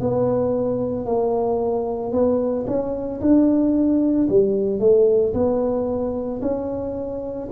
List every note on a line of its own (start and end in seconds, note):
0.00 1.06 B3
1.06 2.12 A#3
2.12 2.65 B3
2.67 3.20 C#4
3.20 4.28 D4
4.29 4.80 G3
4.80 5.33 A3
5.34 6.41 B3
6.42 7.49 C#4